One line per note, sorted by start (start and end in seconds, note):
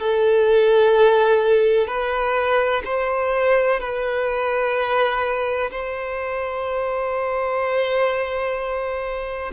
0.00 1.88 A4
1.88 2.83 B4
2.85 3.81 C5
3.81 5.71 B4
5.71 9.52 C5